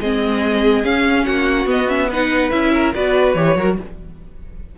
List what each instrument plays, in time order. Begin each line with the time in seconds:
0.00 cello G#3, viola C4, violin G#4 D#5
0.83 cello C#4, viola C#4, violin F5
1.25 cello A#3, violin F#4 F#5
1.65 cello B3, viola B3, violin D#5
1.88 viola C#4, violin E5
2.08 viola D#4, violin B4 F#5
2.50 cello C#4, viola E4, violin E5
2.74 violin A#4
2.94 cello B3, viola F#4, violin B4 D5
3.33 cello E3, viola G4, violin C#5
3.56 cello F#3, viola F#4, violin A#4